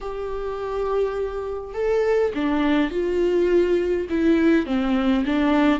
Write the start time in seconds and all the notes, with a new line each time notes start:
0.00 G4
1.74 A4
2.34 D4
2.90 F4
4.09 E4
4.66 C4
5.25 D4